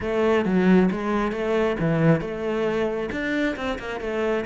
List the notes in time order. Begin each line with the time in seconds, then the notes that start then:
0.00 A3
0.45 F#3
0.91 G#3
1.32 A3
1.79 E3
2.20 A3
3.11 D4
3.56 C4
3.78 A#3
4.00 A3